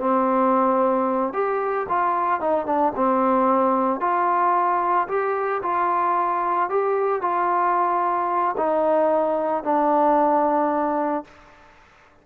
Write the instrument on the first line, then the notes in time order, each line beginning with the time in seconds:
trombone
0.00 C4
1.33 G4
1.89 F4
2.41 D#4
2.66 D4
2.96 C4
4.01 F4
5.08 G4
5.63 F4
6.70 G4
7.22 F4
8.57 D#4
9.64 D4